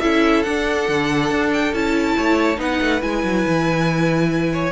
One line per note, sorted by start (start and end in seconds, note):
0.00 0.45 C#4
0.00 0.45 E4
0.00 2.16 A4
0.00 0.43 E5
0.43 1.73 D4
0.43 0.88 D4
0.43 1.50 F#5
0.88 1.30 D3
1.30 1.73 D4
1.53 1.74 G5
1.73 2.16 C#4
1.73 2.57 E4
1.73 2.60 A5
2.17 2.58 A3
2.17 2.60 C#5
2.57 2.80 B3
2.57 3.00 D#4
2.57 4.53 B4
2.57 3.02 F#5
2.81 3.02 A3
3.01 3.24 G#3
3.01 4.72 E4
3.01 4.72 G#5
3.24 3.46 F#3
3.47 4.72 E3
4.53 4.72 C#5